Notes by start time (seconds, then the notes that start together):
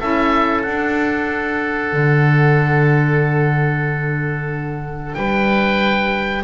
0.00 C#4 E4 A4 E5
0.62 D4 F#5
1.93 D3
5.14 G3 B4 G5